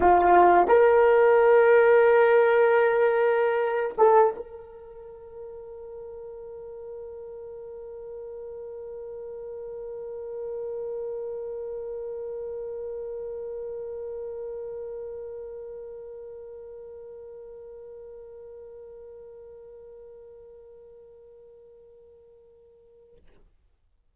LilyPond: \new Staff \with { instrumentName = "horn" } { \time 4/4 \tempo 4 = 83 f'4 ais'2.~ | ais'4. a'8 ais'2~ | ais'1~ | ais'1~ |
ais'1~ | ais'1~ | ais'1~ | ais'1 | }